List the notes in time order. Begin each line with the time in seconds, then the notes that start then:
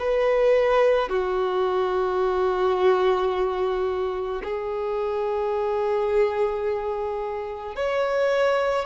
0.00 B4
1.09 F#4
4.44 G#4
7.76 C#5